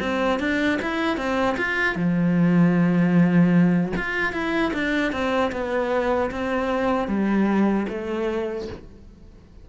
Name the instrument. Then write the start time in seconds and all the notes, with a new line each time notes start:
cello
0.00 C4
0.39 D4
0.82 E4
1.17 C4
1.58 F4
1.95 F3
3.97 F4
4.33 E4
4.73 D4
5.12 C4
5.52 B3
6.31 C4
7.08 G3
7.89 A3